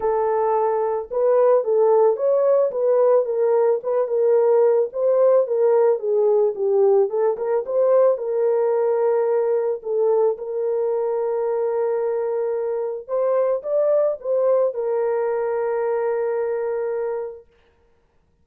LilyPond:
\new Staff \with { instrumentName = "horn" } { \time 4/4 \tempo 4 = 110 a'2 b'4 a'4 | cis''4 b'4 ais'4 b'8 ais'8~ | ais'4 c''4 ais'4 gis'4 | g'4 a'8 ais'8 c''4 ais'4~ |
ais'2 a'4 ais'4~ | ais'1 | c''4 d''4 c''4 ais'4~ | ais'1 | }